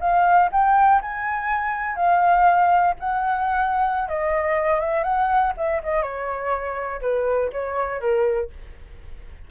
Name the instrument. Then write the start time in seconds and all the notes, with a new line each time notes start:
flute
0.00 F5
0.52 G5
1.01 G#5
1.96 F5
2.99 F#5
4.08 D#5
4.80 E5
5.03 F#5
5.57 E5
5.83 D#5
6.02 C#5
7.01 B4
7.52 C#5
8.00 A#4